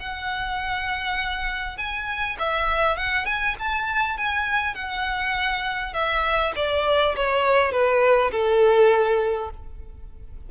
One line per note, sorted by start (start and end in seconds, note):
0.00 1.78 F#5
1.78 2.37 G#5
2.40 2.97 E5
2.97 3.26 F#5
3.26 3.56 G#5
3.59 4.18 A5
4.18 4.75 G#5
4.75 5.94 F#5
5.94 6.53 E5
6.56 7.16 D5
7.16 7.72 C#5
7.72 8.31 B4
8.32 9.50 A4